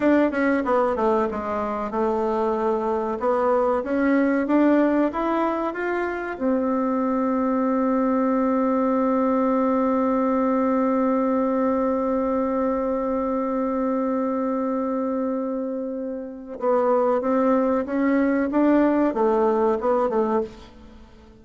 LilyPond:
\new Staff \with { instrumentName = "bassoon" } { \time 4/4 \tempo 4 = 94 d'8 cis'8 b8 a8 gis4 a4~ | a4 b4 cis'4 d'4 | e'4 f'4 c'2~ | c'1~ |
c'1~ | c'1~ | c'2 b4 c'4 | cis'4 d'4 a4 b8 a8 | }